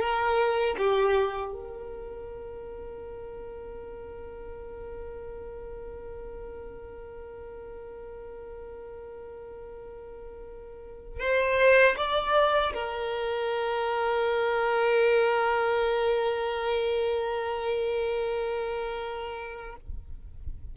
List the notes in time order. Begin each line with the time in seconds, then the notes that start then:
0.00 A#4
0.78 G4
1.53 A#4
11.20 C5
11.98 D5
12.74 A#4